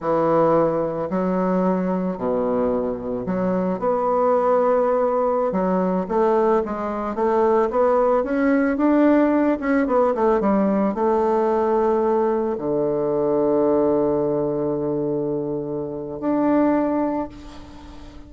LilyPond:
\new Staff \with { instrumentName = "bassoon" } { \time 4/4 \tempo 4 = 111 e2 fis2 | b,2 fis4 b4~ | b2~ b16 fis4 a8.~ | a16 gis4 a4 b4 cis'8.~ |
cis'16 d'4. cis'8 b8 a8 g8.~ | g16 a2. d8.~ | d1~ | d2 d'2 | }